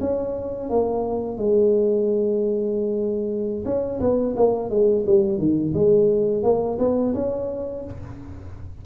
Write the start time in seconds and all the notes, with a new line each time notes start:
0.00 C#4
0.69 A#3
1.37 G#3
3.65 C#4
4.00 B3
4.36 A#3
4.69 G#3
5.06 G3
5.38 D#3
5.73 G#3
6.43 A#3
6.78 B3
7.14 C#4